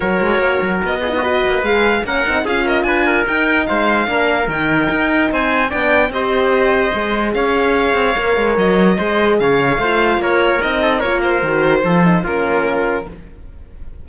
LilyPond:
<<
  \new Staff \with { instrumentName = "violin" } { \time 4/4 \tempo 4 = 147 cis''2 dis''2 | f''4 fis''4 f''8 dis''8 gis''4 | g''4 f''2 g''4~ | g''4 gis''4 g''4 dis''4~ |
dis''2 f''2~ | f''4 dis''2 f''4~ | f''4 cis''4 dis''4 cis''8 c''8~ | c''2 ais'2 | }
  \new Staff \with { instrumentName = "trumpet" } { \time 4/4 ais'2~ ais'8 gis'16 fis'16 b'4~ | b'4 ais'4 gis'8 ais'8 b'8 ais'8~ | ais'4 c''4 ais'2~ | ais'4 c''4 d''4 c''4~ |
c''2 cis''2~ | cis''2 c''4 cis''4 | c''4 ais'4. a'8 ais'4~ | ais'4 a'4 f'2 | }
  \new Staff \with { instrumentName = "horn" } { \time 4/4 fis'2~ fis'8 f'16 dis'16 fis'4 | gis'4 cis'8 dis'8 f'2 | dis'2 d'4 dis'4~ | dis'2 d'4 g'4~ |
g'4 gis'2. | ais'2 gis'2 | f'2 dis'4 f'4 | fis'4 f'8 dis'8 cis'2 | }
  \new Staff \with { instrumentName = "cello" } { \time 4/4 fis8 gis8 ais8 fis8 b4. ais8 | gis4 ais8 c'8 cis'4 d'4 | dis'4 gis4 ais4 dis4 | dis'4 c'4 b4 c'4~ |
c'4 gis4 cis'4. c'8 | ais8 gis8 fis4 gis4 cis4 | a4 ais4 c'4 ais4 | dis4 f4 ais2 | }
>>